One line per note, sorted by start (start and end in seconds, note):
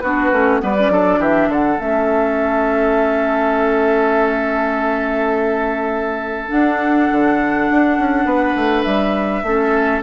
0.00 0.32 B3
0.00 0.31 D4
0.00 0.61 F#4
0.00 0.59 B4
0.31 0.61 A3
0.31 0.60 C#4
0.60 0.89 G3
0.60 0.75 B3
0.60 0.92 B4
0.60 1.22 D5
0.78 0.90 C#4
0.89 1.18 F#3
0.89 1.78 D4
0.89 1.19 A4
1.18 1.48 E3
1.18 1.49 G4
1.18 1.51 E5
1.48 1.78 D3
1.48 8.25 A4
1.48 1.80 F#5
1.79 6.50 A3
1.79 6.48 C#4
1.79 6.50 E5
6.48 9.42 D4
6.48 7.09 D4
6.48 8.83 F#5
7.11 7.70 D3
7.70 7.98 D4
7.98 8.25 C#4
8.25 8.54 B3
8.25 9.43 B4
8.55 8.85 A3
8.83 9.43 G3
8.83 10.00 E5
9.43 10.01 A3
9.43 10.02 C#4
9.43 10.02 A4